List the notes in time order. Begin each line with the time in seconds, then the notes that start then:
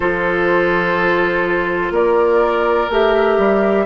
0.00 F3 F4 A4 C5
1.90 A#3 A#4 D5
2.89 A3 G4 E5
3.37 G3